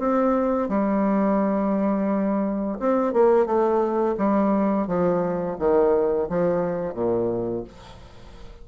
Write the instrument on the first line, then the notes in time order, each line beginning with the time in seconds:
bassoon
0.00 C4
0.69 G3
2.80 C4
3.14 A#3
3.46 A3
4.18 G3
4.88 F3
5.59 D#3
6.30 F3
6.95 A#2